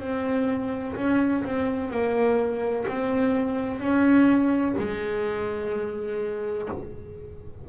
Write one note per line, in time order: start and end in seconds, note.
0.00 0.95 C4
0.96 1.43 C#4
1.44 1.90 C4
1.90 2.86 A#3
2.88 3.80 C4
3.80 4.75 C#4
4.78 6.69 G#3